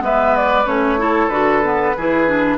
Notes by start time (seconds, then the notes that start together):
0.00 G#3 B3 B4 E5
0.36 D5
0.66 A3 C#4 C#5
0.98 E4 A4
1.29 D3 F#4 B4
1.64 B3
1.97 E3 E4 G#4
2.27 D4